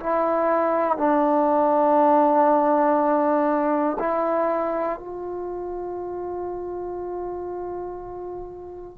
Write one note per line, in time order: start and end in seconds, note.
0.00 0.97 E4
0.97 3.97 D4
3.99 4.99 E4
5.00 8.98 F4